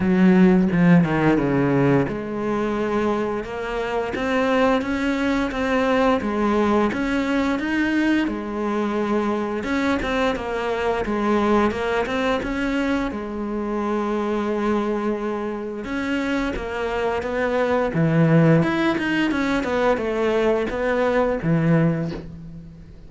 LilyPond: \new Staff \with { instrumentName = "cello" } { \time 4/4 \tempo 4 = 87 fis4 f8 dis8 cis4 gis4~ | gis4 ais4 c'4 cis'4 | c'4 gis4 cis'4 dis'4 | gis2 cis'8 c'8 ais4 |
gis4 ais8 c'8 cis'4 gis4~ | gis2. cis'4 | ais4 b4 e4 e'8 dis'8 | cis'8 b8 a4 b4 e4 | }